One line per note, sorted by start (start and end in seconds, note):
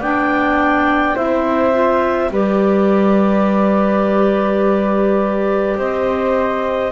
0.00 1.15 B3
0.00 1.15 D4
0.00 1.14 D5
0.00 1.16 G5
1.14 2.29 C4
1.14 1.72 E4
1.14 2.30 C5
1.14 2.31 E5
1.72 2.30 F4
2.29 5.75 G3
2.29 6.91 G4
2.29 5.77 B4
2.29 5.79 D5
5.76 6.91 C4
5.76 6.91 C5
5.76 6.91 D#5